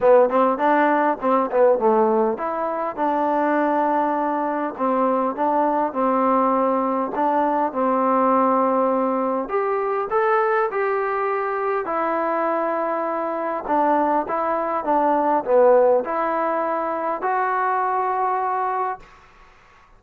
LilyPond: \new Staff \with { instrumentName = "trombone" } { \time 4/4 \tempo 4 = 101 b8 c'8 d'4 c'8 b8 a4 | e'4 d'2. | c'4 d'4 c'2 | d'4 c'2. |
g'4 a'4 g'2 | e'2. d'4 | e'4 d'4 b4 e'4~ | e'4 fis'2. | }